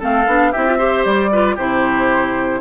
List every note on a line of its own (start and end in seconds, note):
0.00 0.27 A3
0.00 0.27 C4
0.00 0.52 A4
0.00 0.52 F5
0.27 0.54 B3
0.27 0.54 D4
0.52 1.06 C4
0.52 0.67 E4
0.52 0.78 G4
0.52 1.05 E5
0.67 0.79 F4
0.79 1.31 G4
0.79 1.31 C5
1.05 1.58 G3
1.05 1.57 D5
1.32 1.58 F4
1.32 1.56 B4
1.56 2.62 C3
1.56 2.62 E4
1.56 2.60 G4
1.56 2.62 C5